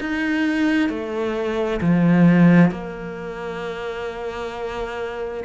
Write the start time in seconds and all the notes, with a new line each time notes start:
0.00 D#4
0.89 A3
1.81 F3
2.71 A#3